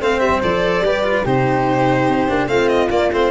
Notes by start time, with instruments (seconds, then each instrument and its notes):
0.00 tuba A3, cello C4, flute C5, violin F5
0.19 tuba G3, violin E5
0.42 tuba F3, cello A4, violin D5
0.80 tuba G3, cello G4, flute B4
1.04 cello F4
1.24 tuba C3, cello D#4, flute G4, violin C5
2.08 tuba C4
2.28 tuba A#3, cello D4
2.47 tuba A3, cello C4, flute F4, violin F5
2.68 violin D#5
2.90 cello A#3, tuba A#3, violin D5
3.12 tuba A3, cello C4, violin C5